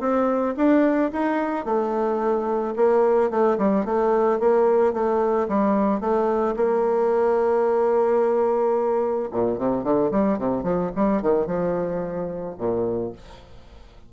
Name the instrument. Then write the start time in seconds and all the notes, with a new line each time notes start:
bassoon
0.00 C4
0.57 D4
1.13 D#4
1.65 A3
2.76 A#3
3.30 A3
3.58 G3
3.85 A3
4.40 A#3
4.93 A3
5.48 G3
6.00 A3
6.56 A#3
9.31 A#2
9.58 C3
9.83 D3
10.11 G3
10.38 C3
10.63 F3
10.96 G3
11.22 D#3
11.46 F3
12.58 A#2